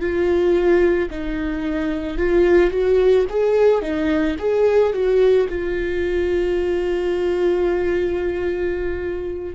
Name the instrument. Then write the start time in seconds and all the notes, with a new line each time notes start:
viola
0.00 F4
1.10 D#4
2.18 F4
2.71 F#4
3.30 G#4
3.81 D#4
4.38 G#4
4.93 F#4
5.48 F4